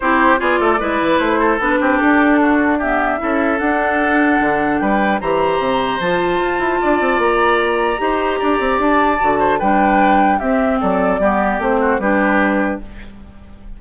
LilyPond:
<<
  \new Staff \with { instrumentName = "flute" } { \time 4/4 \tempo 4 = 150 c''4 d''2 c''4 | b'4 a'2 e''4~ | e''4 fis''2. | g''4 ais''2 a''4~ |
a''2 ais''2~ | ais''2 a''2 | g''2 e''4 d''4~ | d''4 c''4 b'2 | }
  \new Staff \with { instrumentName = "oboe" } { \time 4/4 g'4 gis'8 a'8 b'4. a'8~ | a'8 g'4. fis'4 g'4 | a'1 | b'4 c''2.~ |
c''4 d''2. | c''4 d''2~ d''8 c''8 | b'2 g'4 a'4 | g'4. fis'8 g'2 | }
  \new Staff \with { instrumentName = "clarinet" } { \time 4/4 e'4 f'4 e'2 | d'2. b4 | e'4 d'2.~ | d'4 g'2 f'4~ |
f'1 | g'2. fis'4 | d'2 c'2 | b4 c'4 d'2 | }
  \new Staff \with { instrumentName = "bassoon" } { \time 4/4 c'4 b8 a8 gis8 e8 a4 | b8 c'8 d'2. | cis'4 d'2 d4 | g4 e4 c4 f4 |
f'8 e'8 d'8 c'8 ais2 | dis'4 d'8 c'8 d'4 d4 | g2 c'4 fis4 | g4 a4 g2 | }
>>